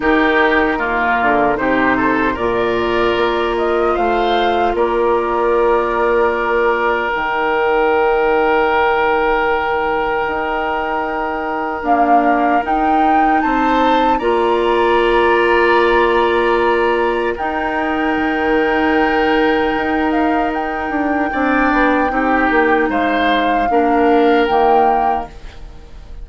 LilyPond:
<<
  \new Staff \with { instrumentName = "flute" } { \time 4/4 \tempo 4 = 76 ais'2 c''4 d''4~ | d''8 dis''8 f''4 d''2~ | d''4 g''2.~ | g''2. f''4 |
g''4 a''4 ais''2~ | ais''2 g''2~ | g''4. f''8 g''2~ | g''4 f''2 g''4 | }
  \new Staff \with { instrumentName = "oboe" } { \time 4/4 g'4 f'4 g'8 a'8 ais'4~ | ais'4 c''4 ais'2~ | ais'1~ | ais'1~ |
ais'4 c''4 d''2~ | d''2 ais'2~ | ais'2. d''4 | g'4 c''4 ais'2 | }
  \new Staff \with { instrumentName = "clarinet" } { \time 4/4 dis'4 ais4 dis'4 f'4~ | f'1~ | f'4 dis'2.~ | dis'2. ais4 |
dis'2 f'2~ | f'2 dis'2~ | dis'2. d'4 | dis'2 d'4 ais4 | }
  \new Staff \with { instrumentName = "bassoon" } { \time 4/4 dis4. d8 c4 ais,4 | ais4 a4 ais2~ | ais4 dis2.~ | dis4 dis'2 d'4 |
dis'4 c'4 ais2~ | ais2 dis'4 dis4~ | dis4 dis'4. d'8 c'8 b8 | c'8 ais8 gis4 ais4 dis4 | }
>>